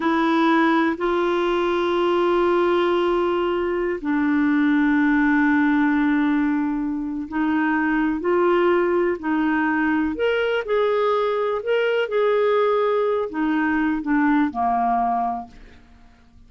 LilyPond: \new Staff \with { instrumentName = "clarinet" } { \time 4/4 \tempo 4 = 124 e'2 f'2~ | f'1~ | f'16 d'2.~ d'8.~ | d'2. dis'4~ |
dis'4 f'2 dis'4~ | dis'4 ais'4 gis'2 | ais'4 gis'2~ gis'8 dis'8~ | dis'4 d'4 ais2 | }